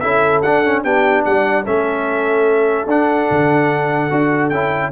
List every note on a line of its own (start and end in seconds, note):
0.00 0.44 C#4
0.00 0.43 E4
0.00 0.83 A4
0.00 0.41 E5
0.42 0.84 D4
0.42 0.65 D4
0.42 0.83 F#5
0.65 0.85 C#4
0.84 1.25 B3
0.84 1.65 D4
0.84 1.24 G4
0.84 1.24 G5
1.25 1.66 G3
1.25 1.64 D5
1.25 1.65 F#5
1.64 2.86 A3
1.64 2.88 C#4
1.64 4.91 A4
1.64 2.88 E5
2.86 3.27 D4
2.86 4.10 D4
2.86 4.49 F#5
3.31 4.11 D3
4.10 4.52 D4
4.10 4.51 F#4
4.49 4.92 C#4
4.49 4.92 E4
4.49 4.90 G5